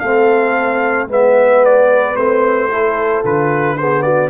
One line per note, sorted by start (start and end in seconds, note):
0.00 1.08 A3
0.00 1.09 C4
0.00 1.08 A4
0.00 1.07 F5
1.08 2.16 G#3
1.08 2.15 B3
1.08 2.71 B4
1.08 1.65 E5
1.65 2.16 D5
2.15 3.24 A3
2.15 2.69 C4
2.15 3.23 C5
2.72 3.25 E4
2.72 3.79 A4
3.25 4.31 D3
3.25 3.78 F4
3.25 3.78 B4
3.78 4.31 B3
3.78 4.04 G#4
3.78 4.02 C5
4.02 4.31 F#4
4.02 4.29 D5